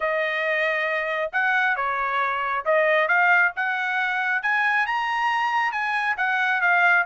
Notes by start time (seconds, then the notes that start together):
0.00 D#5
1.32 F#5
1.76 C#5
2.65 D#5
3.07 F5
3.55 F#5
4.42 G#5
4.86 A#5
5.71 G#5
6.17 F#5
6.61 F5